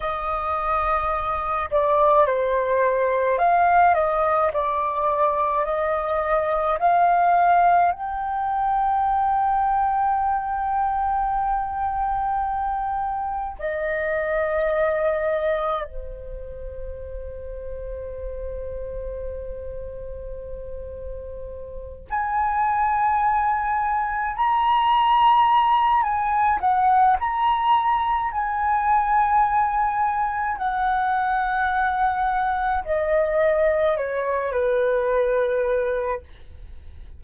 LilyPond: \new Staff \with { instrumentName = "flute" } { \time 4/4 \tempo 4 = 53 dis''4. d''8 c''4 f''8 dis''8 | d''4 dis''4 f''4 g''4~ | g''1 | dis''2 c''2~ |
c''2.~ c''8 gis''8~ | gis''4. ais''4. gis''8 fis''8 | ais''4 gis''2 fis''4~ | fis''4 dis''4 cis''8 b'4. | }